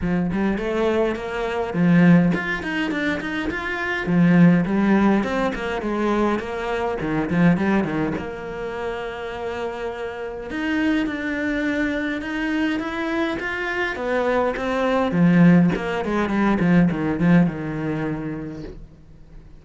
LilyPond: \new Staff \with { instrumentName = "cello" } { \time 4/4 \tempo 4 = 103 f8 g8 a4 ais4 f4 | f'8 dis'8 d'8 dis'8 f'4 f4 | g4 c'8 ais8 gis4 ais4 | dis8 f8 g8 dis8 ais2~ |
ais2 dis'4 d'4~ | d'4 dis'4 e'4 f'4 | b4 c'4 f4 ais8 gis8 | g8 f8 dis8 f8 dis2 | }